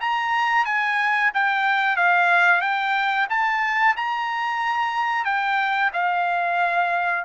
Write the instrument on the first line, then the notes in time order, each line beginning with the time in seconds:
trumpet
0.00 A#5
0.65 G#5
1.34 G5
1.96 F5
2.61 G5
3.29 A5
3.96 A#5
5.24 G5
5.93 F5